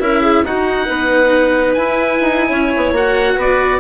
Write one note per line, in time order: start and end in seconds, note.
0.00 0.43 C#4
0.00 0.44 E4
0.00 0.22 A#4
0.00 0.45 E5
0.22 0.44 G#4
0.44 0.88 D#4
0.44 1.77 D#4
0.44 0.86 F#4
0.44 1.74 F#5
0.86 1.76 B3
0.86 2.49 B4
1.74 2.20 E4
1.74 2.95 E4
1.74 2.93 G#5
2.20 2.51 D#4
2.49 2.72 C#4
2.49 3.35 C#5
2.76 2.92 B3
2.92 3.35 A#3
2.92 3.80 F#4
2.92 3.40 F#5
3.35 3.80 B3
3.35 3.79 B4
3.35 3.80 D5